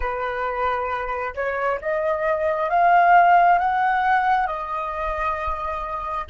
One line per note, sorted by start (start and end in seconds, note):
0.00 1.34 B4
1.34 1.79 C#5
1.81 2.69 D#5
2.69 3.59 F5
3.59 4.46 F#5
4.46 6.25 D#5